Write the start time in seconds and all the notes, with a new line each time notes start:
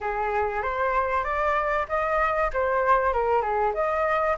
0.00 G#4
0.62 C5
1.24 D5
1.88 D#5
2.53 C5
3.13 A#4
3.41 G#4
3.73 D#5